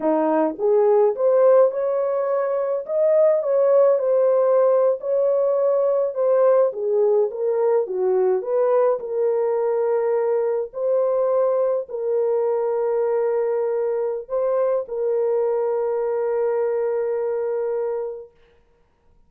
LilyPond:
\new Staff \with { instrumentName = "horn" } { \time 4/4 \tempo 4 = 105 dis'4 gis'4 c''4 cis''4~ | cis''4 dis''4 cis''4 c''4~ | c''8. cis''2 c''4 gis'16~ | gis'8. ais'4 fis'4 b'4 ais'16~ |
ais'2~ ais'8. c''4~ c''16~ | c''8. ais'2.~ ais'16~ | ais'4 c''4 ais'2~ | ais'1 | }